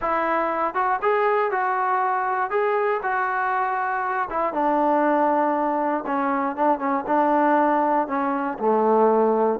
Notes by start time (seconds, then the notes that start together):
0.01 E4
0.74 F#4
1.02 G#4
1.51 F#4
2.50 G#4
3.02 F#4
4.29 E4
4.53 D4
6.06 C#4
6.55 D4
6.78 C#4
7.07 D4
8.07 C#4
8.59 A3